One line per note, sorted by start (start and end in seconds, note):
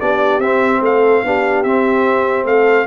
0.00 0.39 B3
0.00 0.42 D4
0.00 0.82 G4
0.00 0.41 D5
0.39 0.80 C4
0.39 1.26 C4
0.39 0.82 E5
0.81 1.22 A3
0.81 1.25 A4
0.81 1.64 F5
1.24 1.65 B3
1.24 1.65 D4
1.24 2.47 G4
1.64 2.45 C4
1.64 2.87 C4
1.64 2.46 E5
2.45 2.86 A3
2.45 2.87 A4
2.45 2.87 F5